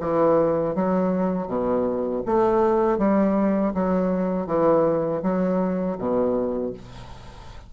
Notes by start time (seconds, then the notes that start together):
0.00 E3
0.75 F#3
1.47 B2
2.26 A3
2.98 G3
3.74 F#3
4.47 E3
5.23 F#3
5.98 B2